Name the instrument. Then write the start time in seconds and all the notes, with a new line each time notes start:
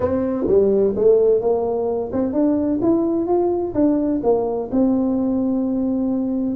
tuba
0.00 C4
0.47 G3
0.95 A3
1.40 A#3
2.12 C4
2.32 D4
2.81 E4
3.26 F4
3.74 D4
4.23 A#3
4.71 C4